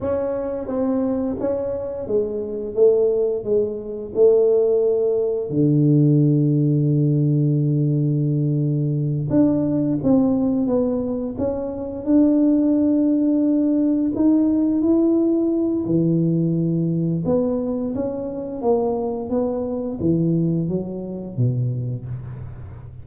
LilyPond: \new Staff \with { instrumentName = "tuba" } { \time 4/4 \tempo 4 = 87 cis'4 c'4 cis'4 gis4 | a4 gis4 a2 | d1~ | d4. d'4 c'4 b8~ |
b8 cis'4 d'2~ d'8~ | d'8 dis'4 e'4. e4~ | e4 b4 cis'4 ais4 | b4 e4 fis4 b,4 | }